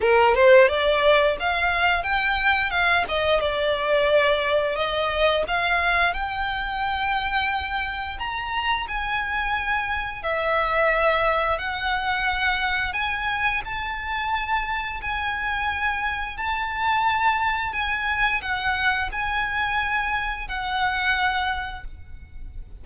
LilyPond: \new Staff \with { instrumentName = "violin" } { \time 4/4 \tempo 4 = 88 ais'8 c''8 d''4 f''4 g''4 | f''8 dis''8 d''2 dis''4 | f''4 g''2. | ais''4 gis''2 e''4~ |
e''4 fis''2 gis''4 | a''2 gis''2 | a''2 gis''4 fis''4 | gis''2 fis''2 | }